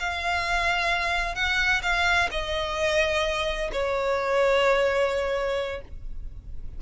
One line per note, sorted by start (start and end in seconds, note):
0.00 1.35 F5
1.35 1.82 F#5
1.83 2.29 F5
2.32 3.71 D#5
3.73 5.82 C#5